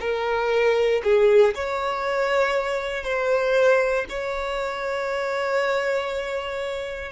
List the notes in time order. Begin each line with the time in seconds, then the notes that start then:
0.00 A#4
1.03 G#4
1.54 C#5
3.03 C5
4.09 C#5